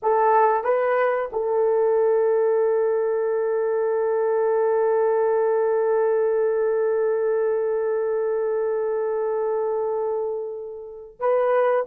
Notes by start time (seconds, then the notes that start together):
0.02 A4
0.64 B4
1.32 A4
11.19 B4